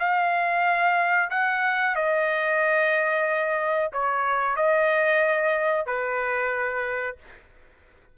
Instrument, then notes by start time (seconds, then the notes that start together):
trumpet
0.00 F5
1.30 F#5
1.96 D#5
3.93 C#5
4.57 D#5
5.86 B4